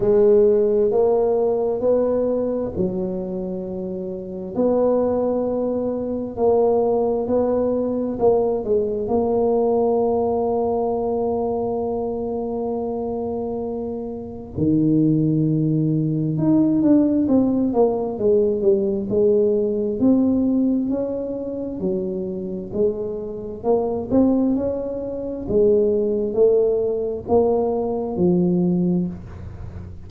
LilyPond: \new Staff \with { instrumentName = "tuba" } { \time 4/4 \tempo 4 = 66 gis4 ais4 b4 fis4~ | fis4 b2 ais4 | b4 ais8 gis8 ais2~ | ais1 |
dis2 dis'8 d'8 c'8 ais8 | gis8 g8 gis4 c'4 cis'4 | fis4 gis4 ais8 c'8 cis'4 | gis4 a4 ais4 f4 | }